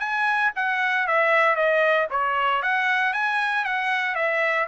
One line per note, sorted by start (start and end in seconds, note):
0.00 0.52 G#5
0.56 1.07 F#5
1.07 1.56 E5
1.56 2.08 D#5
2.11 2.63 C#5
2.63 3.13 F#5
3.13 3.65 G#5
3.65 4.16 F#5
4.16 4.67 E5